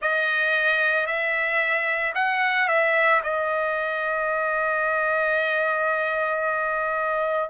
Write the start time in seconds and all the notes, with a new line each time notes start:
0.01 D#5
1.06 E5
2.14 F#5
2.67 E5
3.23 D#5